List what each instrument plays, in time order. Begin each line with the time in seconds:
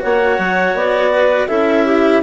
0.00 bassoon A#3, cello F#4, clarinet C#5 F#5
0.39 bassoon F#3
0.74 bassoon B3, clarinet D5
1.12 clarinet B4
1.48 bassoon C#4, cello E4, clarinet A4 E5
1.85 clarinet G4